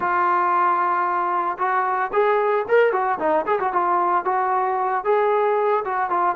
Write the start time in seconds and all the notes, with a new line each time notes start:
0.00 F4
1.58 F#4
2.12 G#4
2.68 A#4
2.92 F#4
3.19 D#4
3.46 G#4
3.59 F#4
3.72 F4
4.24 F#4
5.04 G#4
5.84 F#4
6.10 F4